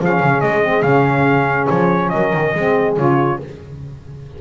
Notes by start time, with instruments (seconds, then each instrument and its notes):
0.00 double bass F3, saxophone C#4, horn G#4, trumpet F5
0.20 double bass C#3
0.41 double bass G#3, trumpet D#5
0.62 saxophone C4
0.82 double bass C#3, saxophone C#4, trumpet F5
1.68 double bass F3, trumpet C#5
2.09 double bass F#3, horn A#4, trumpet D#5
2.33 double bass D#3
2.53 double bass G#3, saxophone C4, horn G#4
2.97 double bass C#3, saxophone F4, trumpet C#5